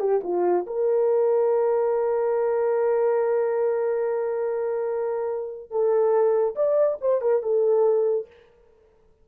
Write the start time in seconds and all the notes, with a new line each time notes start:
0.00 G4
0.24 F4
0.67 A#4
5.71 A4
6.56 D5
7.01 C5
7.21 A#4
7.43 A4